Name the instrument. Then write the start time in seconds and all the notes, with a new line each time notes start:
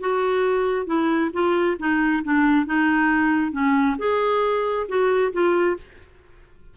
clarinet
0.00 F#4
0.86 E4
1.33 F4
1.79 D#4
2.24 D4
2.66 D#4
3.52 C#4
3.98 G#4
4.88 F#4
5.33 F4